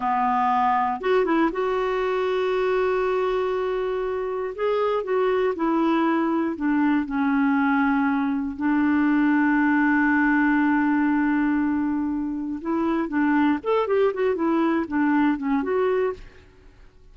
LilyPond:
\new Staff \with { instrumentName = "clarinet" } { \time 4/4 \tempo 4 = 119 b2 fis'8 e'8 fis'4~ | fis'1~ | fis'4 gis'4 fis'4 e'4~ | e'4 d'4 cis'2~ |
cis'4 d'2.~ | d'1~ | d'4 e'4 d'4 a'8 g'8 | fis'8 e'4 d'4 cis'8 fis'4 | }